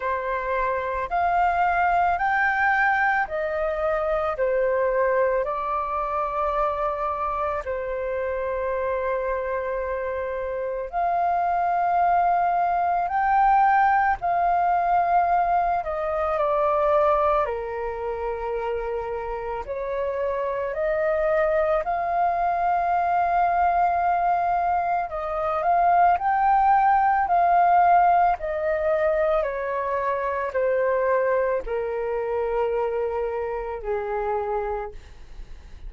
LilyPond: \new Staff \with { instrumentName = "flute" } { \time 4/4 \tempo 4 = 55 c''4 f''4 g''4 dis''4 | c''4 d''2 c''4~ | c''2 f''2 | g''4 f''4. dis''8 d''4 |
ais'2 cis''4 dis''4 | f''2. dis''8 f''8 | g''4 f''4 dis''4 cis''4 | c''4 ais'2 gis'4 | }